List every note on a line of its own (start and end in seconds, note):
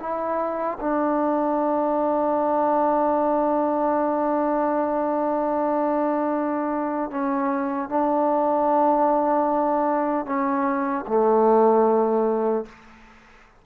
0.00 0.79 E4
0.81 7.11 D4
7.11 7.89 C#4
7.89 10.26 D4
10.26 11.05 C#4
11.08 12.66 A3